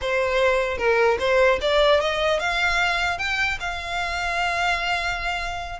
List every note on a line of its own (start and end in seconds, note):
0.01 0.77 C5
0.77 1.17 A#4
1.19 1.59 C5
1.61 2.00 D5
2.00 2.39 D#5
2.39 3.18 F5
3.18 3.58 G5
3.60 5.79 F5